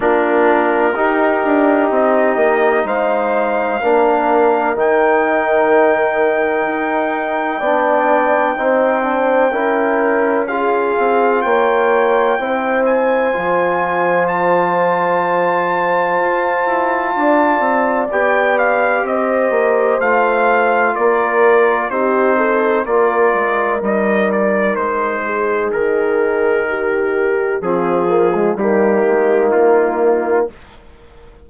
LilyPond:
<<
  \new Staff \with { instrumentName = "trumpet" } { \time 4/4 \tempo 4 = 63 ais'2 dis''4 f''4~ | f''4 g''2.~ | g''2. f''4 | g''4. gis''4. a''4~ |
a''2. g''8 f''8 | dis''4 f''4 d''4 c''4 | d''4 dis''8 d''8 c''4 ais'4~ | ais'4 gis'4 g'4 f'4 | }
  \new Staff \with { instrumentName = "horn" } { \time 4/4 f'4 g'2 c''4 | ais'1 | d''4 c''4 ais'4 gis'4 | cis''4 c''2.~ |
c''2 d''2 | c''2 ais'4 g'8 a'8 | ais'2~ ais'8 gis'4. | g'4 f'4 dis'2 | }
  \new Staff \with { instrumentName = "trombone" } { \time 4/4 d'4 dis'2. | d'4 dis'2. | d'4 dis'8 d'8 e'4 f'4~ | f'4 e'4 f'2~ |
f'2. g'4~ | g'4 f'2 dis'4 | f'4 dis'2.~ | dis'4 c'8 ais16 gis16 ais2 | }
  \new Staff \with { instrumentName = "bassoon" } { \time 4/4 ais4 dis'8 d'8 c'8 ais8 gis4 | ais4 dis2 dis'4 | b4 c'4 cis'4. c'8 | ais4 c'4 f2~ |
f4 f'8 e'8 d'8 c'8 b4 | c'8 ais8 a4 ais4 c'4 | ais8 gis8 g4 gis4 dis4~ | dis4 f4 g8 gis8 ais4 | }
>>